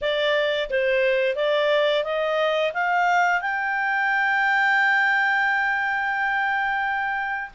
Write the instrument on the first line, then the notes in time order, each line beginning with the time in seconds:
clarinet
0.01 D5
0.69 C5
1.35 D5
2.04 D#5
2.73 F5
3.41 G5